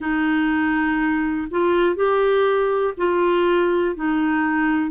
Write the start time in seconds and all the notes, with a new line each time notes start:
0.00 D#4
1.50 F4
1.95 G4
2.97 F4
3.95 D#4